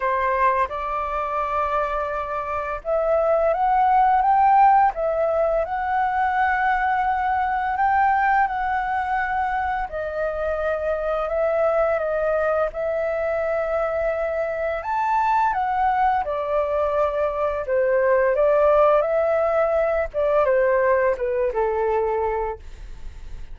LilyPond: \new Staff \with { instrumentName = "flute" } { \time 4/4 \tempo 4 = 85 c''4 d''2. | e''4 fis''4 g''4 e''4 | fis''2. g''4 | fis''2 dis''2 |
e''4 dis''4 e''2~ | e''4 a''4 fis''4 d''4~ | d''4 c''4 d''4 e''4~ | e''8 d''8 c''4 b'8 a'4. | }